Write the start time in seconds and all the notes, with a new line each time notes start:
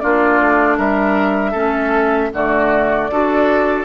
0.00 A#3 D4 F4 D5
0.40 A3
0.77 G3 A#4 E5
1.51 A3 C#4 A4
2.33 D3 A3 F#4 D5
3.11 D4 F#4 A4